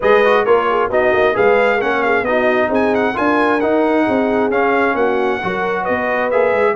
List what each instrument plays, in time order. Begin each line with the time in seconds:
0.00 tuba G#3, trombone G#4, horn B4, trumpet D#5
0.24 trombone F#4
0.45 tuba A#3, trombone F4, horn A#4, trumpet C#5
0.69 horn G#4
0.89 tuba B3, trombone D#4, horn F#4, trumpet D#5
1.12 tuba A#3
1.34 tuba G#3, trombone G#4, horn B4, trumpet F5
1.77 tuba A#3, trombone C#4, horn A#4, trumpet F#5
2.02 horn G#4, trumpet F5
2.22 tuba B3, trombone D#4, horn F#4, trumpet D#5
2.68 tuba C4, horn G#4, trumpet G#5
2.94 trumpet F#5
3.14 tuba D4, trombone F4, horn A#4, trumpet G#5
3.60 trombone D#4, tuba D#4, trumpet F#5
4.04 tuba C4, horn G#4
4.50 tuba C#4, trombone C#4, trumpet F5
4.94 tuba A#3, horn F#4, trumpet F#5
5.42 tuba F#3, trombone F#4, horn A#4
5.82 horn B4, trumpet D#5
5.88 tuba B3
6.31 tuba A#3, trombone G#4, trumpet E5
6.52 tuba G#3